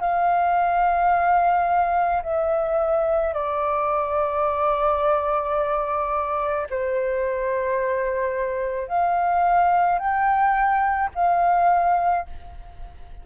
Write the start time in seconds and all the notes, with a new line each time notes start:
0.00 F5
2.23 E5
3.33 D5
6.70 C5
8.88 F5
9.98 G5
11.15 F5